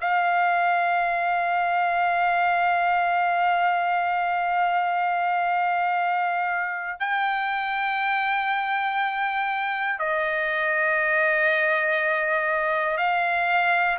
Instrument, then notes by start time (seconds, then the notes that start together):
trumpet
0.00 F5
7.00 G5
9.99 D#5
12.97 F5